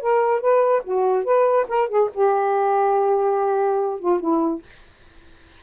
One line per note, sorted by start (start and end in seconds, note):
0.00 0.40 A#4
0.40 0.82 B4
0.84 1.24 F#4
1.24 1.66 B4
1.68 1.88 A#4
1.88 2.09 G#4
2.14 3.99 G4
3.99 4.19 F4
4.19 4.61 E4